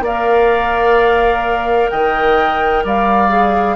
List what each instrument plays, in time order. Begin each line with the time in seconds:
0.00 bassoon A#3, clarinet A#4, oboe D5, flute F5
1.90 bassoon D#3, oboe D#5, flute G5
2.84 bassoon G3, oboe D5, flute F5
3.29 clarinet G#4